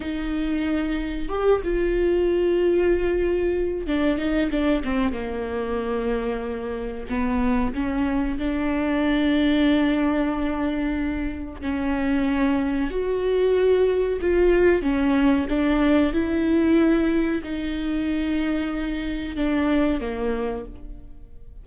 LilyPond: \new Staff \with { instrumentName = "viola" } { \time 4/4 \tempo 4 = 93 dis'2 g'8 f'4.~ | f'2 d'8 dis'8 d'8 c'8 | ais2. b4 | cis'4 d'2.~ |
d'2 cis'2 | fis'2 f'4 cis'4 | d'4 e'2 dis'4~ | dis'2 d'4 ais4 | }